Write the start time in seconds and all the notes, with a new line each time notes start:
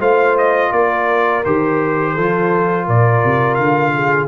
0.00 A3 F4 C5 F5
0.38 D#5
0.72 A#3 A#4 D5
1.45 D#3 G4 C5
2.15 F3 F4 A4
2.86 A#2 A#4 D5
3.24 C3
3.55 D3 F5
3.95 G#4